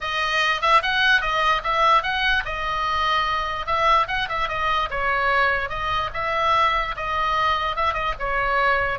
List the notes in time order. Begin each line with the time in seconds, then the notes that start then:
0.00 D#5
0.61 E5
0.82 F#5
1.21 D#5
1.63 E5
2.02 F#5
2.45 D#5
3.66 E5
4.07 F#5
4.29 E5
4.48 D#5
4.90 C#5
5.69 D#5
6.13 E5
6.96 D#5
7.76 E5
7.93 D#5
8.19 C#5